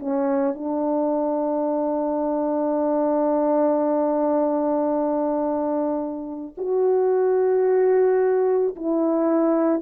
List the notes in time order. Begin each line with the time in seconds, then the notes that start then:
0.00 C#4
0.55 D4
6.58 F#4
8.76 E4